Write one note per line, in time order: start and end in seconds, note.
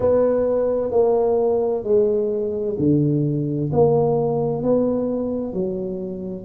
0.00 0.91 B3
0.91 1.83 A#3
1.83 2.76 G#3
2.78 3.70 D3
3.72 4.62 A#3
4.62 5.53 B3
5.53 6.45 F#3